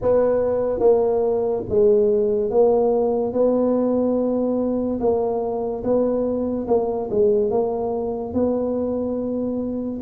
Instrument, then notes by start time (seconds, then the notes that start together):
tuba
0.02 B3
0.79 A#3
1.69 G#3
2.50 A#3
3.33 B3
5.00 A#3
5.83 B3
6.67 A#3
7.10 G#3
7.50 A#3
8.33 B3